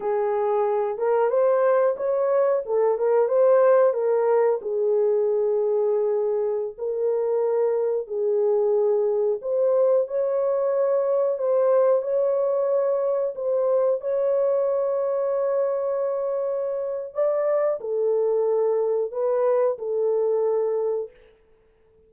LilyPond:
\new Staff \with { instrumentName = "horn" } { \time 4/4 \tempo 4 = 91 gis'4. ais'8 c''4 cis''4 | a'8 ais'8 c''4 ais'4 gis'4~ | gis'2~ gis'16 ais'4.~ ais'16~ | ais'16 gis'2 c''4 cis''8.~ |
cis''4~ cis''16 c''4 cis''4.~ cis''16~ | cis''16 c''4 cis''2~ cis''8.~ | cis''2 d''4 a'4~ | a'4 b'4 a'2 | }